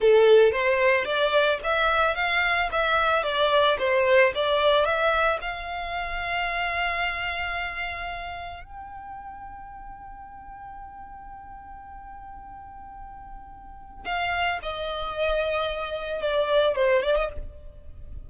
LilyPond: \new Staff \with { instrumentName = "violin" } { \time 4/4 \tempo 4 = 111 a'4 c''4 d''4 e''4 | f''4 e''4 d''4 c''4 | d''4 e''4 f''2~ | f''1 |
g''1~ | g''1~ | g''2 f''4 dis''4~ | dis''2 d''4 c''8 d''16 dis''16 | }